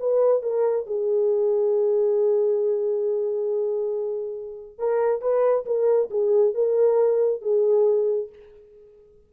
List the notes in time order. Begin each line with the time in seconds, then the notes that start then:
0.00 B4
0.43 A#4
0.87 G#4
4.79 A#4
5.22 B4
5.66 A#4
6.11 G#4
6.55 A#4
7.42 G#4